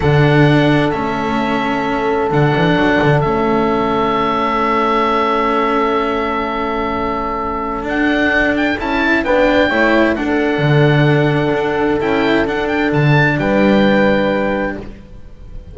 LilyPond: <<
  \new Staff \with { instrumentName = "oboe" } { \time 4/4 \tempo 4 = 130 fis''2 e''2~ | e''4 fis''2 e''4~ | e''1~ | e''1~ |
e''4 fis''4. g''8 a''4 | g''2 fis''2~ | fis''2 g''4 fis''8 g''8 | a''4 g''2. | }
  \new Staff \with { instrumentName = "horn" } { \time 4/4 a'1~ | a'1~ | a'1~ | a'1~ |
a'1 | b'4 cis''4 a'2~ | a'1~ | a'4 b'2. | }
  \new Staff \with { instrumentName = "cello" } { \time 4/4 d'2 cis'2~ | cis'4 d'2 cis'4~ | cis'1~ | cis'1~ |
cis'4 d'2 e'4 | d'4 e'4 d'2~ | d'2 e'4 d'4~ | d'1 | }
  \new Staff \with { instrumentName = "double bass" } { \time 4/4 d2 a2~ | a4 d8 e8 fis8 d8 a4~ | a1~ | a1~ |
a4 d'2 cis'4 | b4 a4 d'4 d4~ | d4 d'4 cis'4 d'4 | d4 g2. | }
>>